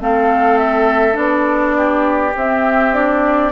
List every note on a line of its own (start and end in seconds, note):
0.00 1.16 A3
0.00 1.13 C4
0.00 1.76 A4
0.00 0.58 F5
0.58 1.16 E5
1.13 2.34 B3
1.13 2.30 D4
1.13 2.34 D5
1.76 3.52 G4
2.35 3.52 C4
2.35 2.93 C4
2.35 2.94 E5
2.93 3.51 D4
2.93 3.52 D5